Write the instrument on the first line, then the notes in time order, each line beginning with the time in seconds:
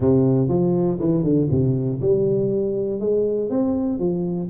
tuba
0.00 C3
0.48 F3
0.99 E3
1.23 D3
1.50 C3
2.01 G3
3.00 G#3
3.50 C4
3.99 F3